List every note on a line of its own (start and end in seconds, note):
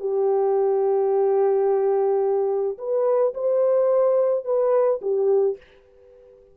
0.00 2.78 G4
2.78 3.34 B4
3.34 4.45 C5
4.45 5.01 B4
5.02 5.57 G4